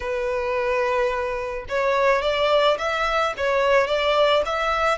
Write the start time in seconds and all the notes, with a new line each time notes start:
0.00 B4
1.68 C#5
2.22 D5
2.78 E5
3.37 C#5
3.87 D5
4.45 E5